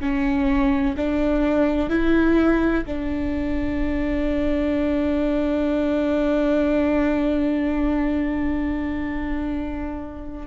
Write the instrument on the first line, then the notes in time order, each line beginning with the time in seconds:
viola
0.00 C#4
0.97 D4
1.89 E4
2.86 D4